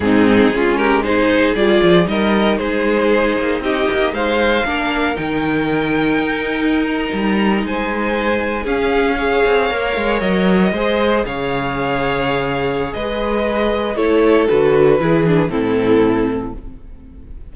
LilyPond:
<<
  \new Staff \with { instrumentName = "violin" } { \time 4/4 \tempo 4 = 116 gis'4. ais'8 c''4 d''4 | dis''4 c''2 dis''4 | f''2 g''2~ | g''4~ g''16 ais''4. gis''4~ gis''16~ |
gis''8. f''2. dis''16~ | dis''4.~ dis''16 f''2~ f''16~ | f''4 dis''2 cis''4 | b'2 a'2 | }
  \new Staff \with { instrumentName = "violin" } { \time 4/4 dis'4 f'8 g'8 gis'2 | ais'4 gis'2 g'4 | c''4 ais'2.~ | ais'2~ ais'8. c''4~ c''16~ |
c''8. gis'4 cis''2~ cis''16~ | cis''8. c''4 cis''2~ cis''16~ | cis''4 b'2 a'4~ | a'4 gis'4 e'2 | }
  \new Staff \with { instrumentName = "viola" } { \time 4/4 c'4 cis'4 dis'4 f'4 | dis'1~ | dis'4 d'4 dis'2~ | dis'1~ |
dis'8. cis'4 gis'4 ais'4~ ais'16~ | ais'8. gis'2.~ gis'16~ | gis'2. e'4 | fis'4 e'8 d'8 c'2 | }
  \new Staff \with { instrumentName = "cello" } { \time 4/4 gis,4 gis2 g8 f8 | g4 gis4. ais8 c'8 ais8 | gis4 ais4 dis2 | dis'4.~ dis'16 g4 gis4~ gis16~ |
gis8. cis'4. c'8 ais8 gis8 fis16~ | fis8. gis4 cis2~ cis16~ | cis4 gis2 a4 | d4 e4 a,2 | }
>>